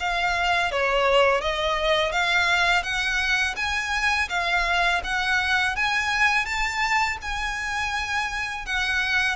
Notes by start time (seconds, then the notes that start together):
0.00 F5
0.72 C#5
1.41 D#5
2.12 F5
2.83 F#5
3.56 G#5
4.29 F5
5.04 F#5
5.76 G#5
6.45 A5
7.22 G#5
8.66 F#5